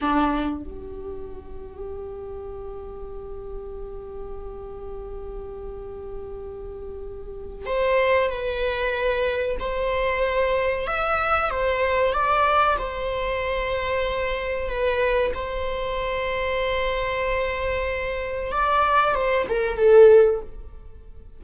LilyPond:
\new Staff \with { instrumentName = "viola" } { \time 4/4 \tempo 4 = 94 d'4 g'2.~ | g'1~ | g'1 | c''4 b'2 c''4~ |
c''4 e''4 c''4 d''4 | c''2. b'4 | c''1~ | c''4 d''4 c''8 ais'8 a'4 | }